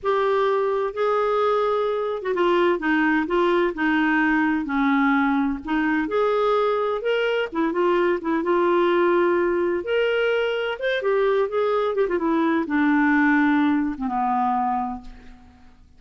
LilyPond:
\new Staff \with { instrumentName = "clarinet" } { \time 4/4 \tempo 4 = 128 g'2 gis'2~ | gis'8. fis'16 f'4 dis'4 f'4 | dis'2 cis'2 | dis'4 gis'2 ais'4 |
e'8 f'4 e'8 f'2~ | f'4 ais'2 c''8 g'8~ | g'8 gis'4 g'16 f'16 e'4 d'4~ | d'4.~ d'16 c'16 b2 | }